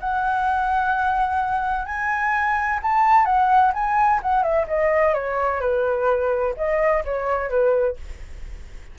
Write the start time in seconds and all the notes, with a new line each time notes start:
0.00 F#5
1.86 G#5
2.83 A5
3.25 F#5
3.74 G#5
4.23 F#5
4.43 E5
4.67 D#5
5.14 C#5
5.61 B4
6.57 D#5
7.05 C#5
7.50 B4